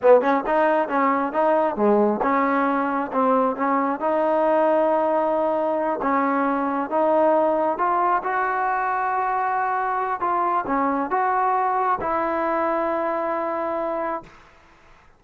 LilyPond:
\new Staff \with { instrumentName = "trombone" } { \time 4/4 \tempo 4 = 135 b8 cis'8 dis'4 cis'4 dis'4 | gis4 cis'2 c'4 | cis'4 dis'2.~ | dis'4. cis'2 dis'8~ |
dis'4. f'4 fis'4.~ | fis'2. f'4 | cis'4 fis'2 e'4~ | e'1 | }